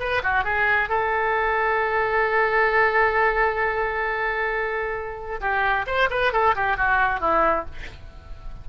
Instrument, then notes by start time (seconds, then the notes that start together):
oboe
0.00 B4
0.23 F#4
0.44 G#4
0.89 A4
5.41 G4
5.87 C5
6.10 B4
6.33 A4
6.56 G4
6.77 F#4
7.20 E4